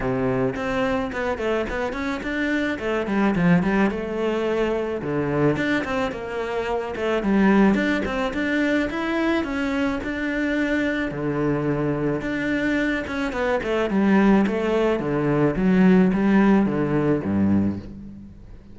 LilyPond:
\new Staff \with { instrumentName = "cello" } { \time 4/4 \tempo 4 = 108 c4 c'4 b8 a8 b8 cis'8 | d'4 a8 g8 f8 g8 a4~ | a4 d4 d'8 c'8 ais4~ | ais8 a8 g4 d'8 c'8 d'4 |
e'4 cis'4 d'2 | d2 d'4. cis'8 | b8 a8 g4 a4 d4 | fis4 g4 d4 g,4 | }